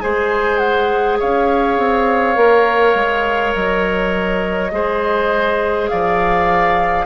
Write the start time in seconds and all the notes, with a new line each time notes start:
0.00 G#3 G#4 C5 G#5
0.58 F#5
1.19 C#4 C#5 F5
1.78 C4
2.35 A#3 A#4
2.95 G#3
3.55 F#3 D#5
4.71 G#3 G#4 C5
5.88 F3 D5 F5